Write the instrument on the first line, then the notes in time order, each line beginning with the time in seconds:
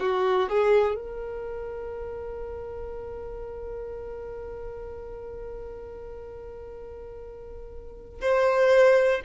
violin
0.00 F#4
0.50 G#4
0.96 A#4
8.21 C5